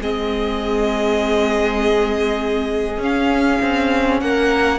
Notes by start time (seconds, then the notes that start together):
0.00 G#3 C4 G#4 D#5
2.98 C#4 F5
3.62 C4
4.20 A#3 A#4 F#5